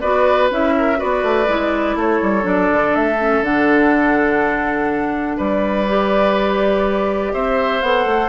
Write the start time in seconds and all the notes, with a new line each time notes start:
0.00 B3 F#4 B4 D5
0.51 C#4 E4 E5
0.78 A#4
0.96 F#4 B4 D5
1.03 B3
1.23 A3
1.48 G#3 E4
1.96 A3 A4 C#5
2.22 G3
2.42 F#3 D4 D5
2.73 D3
2.95 A3 E5
3.20 C#4
3.41 D3 D4 F#5
5.37 G3 B4 D5
5.88 G4
7.33 C4 C5 E5
7.82 B3 A4 F#5
8.05 A3